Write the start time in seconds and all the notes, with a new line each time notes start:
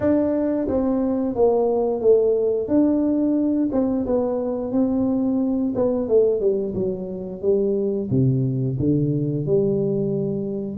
0.00 D4
0.68 C4
1.35 A#3
2.00 A3
2.68 D4
3.71 C4
4.05 B3
4.72 C4
5.75 B3
6.08 A3
6.40 G3
6.74 F#3
7.41 G3
8.10 C3
8.79 D3
9.46 G3